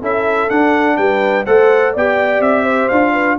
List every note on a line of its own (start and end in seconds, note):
0.00 0.50 C#4
0.00 0.50 E4
0.00 0.96 A4
0.00 0.50 E5
0.50 1.46 D4
0.50 0.98 D4
0.50 0.97 F#5
0.97 1.46 G3
0.97 1.46 B4
0.97 1.45 G5
1.46 1.96 A3
1.46 1.94 A4
1.46 1.93 C5
1.46 1.94 F#5
1.93 2.40 B3
1.93 2.92 G4
1.93 2.64 D5
1.93 2.42 G5
2.40 2.88 C4
2.40 2.89 E5
2.64 3.12 C5
2.89 3.39 D4
2.89 3.40 F4
2.89 3.37 F5
3.12 3.37 B4